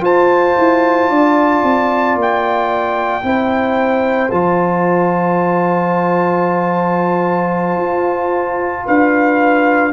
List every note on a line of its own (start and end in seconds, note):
0.00 3.21 F4
0.00 0.55 F4
0.00 1.10 C5
0.00 2.19 A5
0.58 1.09 E4
1.09 1.63 D4
1.09 3.24 D5
1.63 2.15 C4
2.15 3.23 A#3
2.22 4.31 G5
3.22 4.30 C4
3.22 4.29 E4
3.22 8.85 C5
4.31 7.77 F3
4.31 9.93 F4
4.31 8.86 A5
7.77 8.84 F4
8.85 9.93 D4
8.85 9.93 B4
8.85 9.93 F5